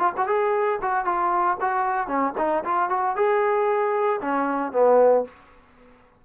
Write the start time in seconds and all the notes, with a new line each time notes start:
0.00 F4
0.18 F#4
0.28 G#4
0.83 F#4
1.06 F4
1.61 F#4
2.08 C#4
2.38 D#4
2.65 F4
2.90 F#4
3.16 G#4
4.22 C#4
4.73 B3